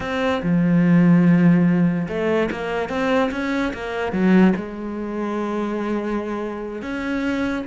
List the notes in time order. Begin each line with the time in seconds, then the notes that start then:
0.00 C4
0.42 F3
2.08 A3
2.51 A#3
2.89 C4
3.31 C#4
3.73 A#3
4.12 F#3
4.56 G#3
6.82 C#4